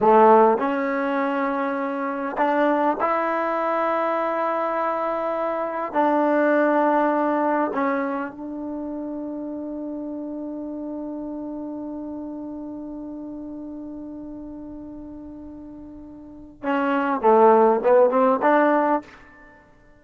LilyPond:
\new Staff \with { instrumentName = "trombone" } { \time 4/4 \tempo 4 = 101 a4 cis'2. | d'4 e'2.~ | e'2 d'2~ | d'4 cis'4 d'2~ |
d'1~ | d'1~ | d'1 | cis'4 a4 b8 c'8 d'4 | }